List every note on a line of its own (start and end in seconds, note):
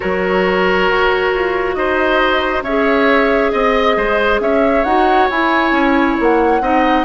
0.00 0.89 F#3
0.00 2.64 F#4
0.00 1.75 A#4
0.00 1.74 C#5
0.89 1.33 F#4
1.33 1.75 F4
1.74 2.62 D#4
1.74 2.63 C5
1.74 2.62 D#5
2.62 3.50 C#4
2.62 4.86 G#4
2.62 3.51 C#5
2.62 3.50 E5
3.50 3.96 C4
3.50 4.39 D#5
3.50 3.96 D#5
3.96 4.40 G#3
3.96 4.40 C5
4.40 4.84 C#4
4.40 6.62 C#5
4.40 4.84 E5
4.84 5.28 D#4
4.84 5.30 F#4
4.84 5.28 F#5
5.30 5.71 E4
5.30 6.61 E4
5.30 6.18 G#5
5.71 6.15 C#4
6.19 6.60 A#3
6.19 7.05 F#5
6.60 7.05 C4
6.60 7.05 D#4
6.60 7.05 D#5